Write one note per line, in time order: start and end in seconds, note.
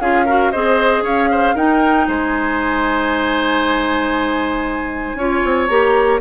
0.00 0.52 C#4
0.00 0.27 F4
0.00 0.25 G#4
0.00 0.52 F5
0.25 0.54 F#4
0.25 0.51 A#4
0.52 1.03 C4
0.52 1.56 G#4
0.52 1.03 C5
0.52 1.03 D#5
1.03 1.54 C#4
1.03 1.29 C#5
1.03 1.57 F5
1.32 1.55 C5
1.55 2.07 D#4
1.55 5.18 D#4
1.55 2.07 A#4
1.55 2.09 G5
2.08 5.15 G#3
2.08 5.18 C5
2.08 5.68 G#5
5.15 5.41 C#4
5.15 5.70 F4
5.15 6.21 C#5
5.45 5.70 C4
5.68 6.21 A#3
5.68 6.21 G4
5.68 6.20 A#5